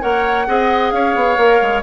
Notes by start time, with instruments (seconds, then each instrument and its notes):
0.00 bassoon A#3, clarinet A#4, oboe C#5, flute F#5
0.46 bassoon C4, clarinet G#4, oboe D#5
0.91 bassoon C#4, oboe C#5, flute F5
1.15 bassoon B3
1.37 bassoon A#3, clarinet A#4
1.61 bassoon G#3